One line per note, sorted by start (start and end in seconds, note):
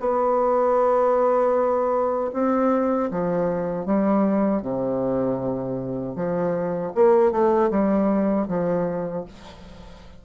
0.00 2.31 B3
2.34 3.10 C4
3.11 3.86 F3
3.86 4.62 G3
4.62 6.16 C3
6.16 6.93 F3
6.95 7.32 A#3
7.32 7.70 A3
7.70 8.47 G3
8.48 9.25 F3